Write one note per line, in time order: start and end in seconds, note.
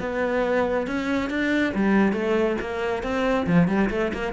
0.00 0.87 B3
0.87 1.30 C#4
1.30 1.73 D4
1.75 2.13 G3
2.13 2.56 A3
2.60 3.03 A#3
3.03 3.46 C4
3.47 3.68 F3
3.68 3.90 G3
3.91 4.12 A3
4.13 4.33 A#3